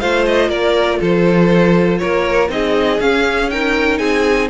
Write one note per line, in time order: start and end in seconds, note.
0.00 0.49 A3
0.00 2.49 F4
0.00 0.49 C5
0.00 0.25 F5
0.26 0.50 D#5
0.49 0.99 A#3
0.49 0.99 A#4
0.49 1.00 D5
1.00 2.01 F3
1.00 2.00 A4
1.00 1.98 C5
1.98 2.49 A#3
1.98 2.51 A#4
1.98 2.48 C#5
2.49 2.99 C4
2.49 2.99 D#4
2.49 3.52 G#4
2.49 3.00 D#5
3.00 3.99 C#4
3.00 3.51 C#4
3.00 3.50 F5
3.50 4.50 D#4
3.50 3.99 A#4
3.50 3.98 G5
3.98 4.49 C4
3.98 4.49 G#4
3.98 4.48 G#5